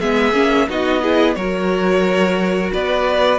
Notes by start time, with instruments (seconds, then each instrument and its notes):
0.00 cello G#3, viola B3, violin G#4 E5
0.32 cello A#3, viola C#4
0.69 cello B3, viola D#4, violin F#4 D#5
1.02 viola E4, violin G#4
1.35 cello F#3, viola F#4, violin A#4 C#5
2.73 cello B3, violin B4 D5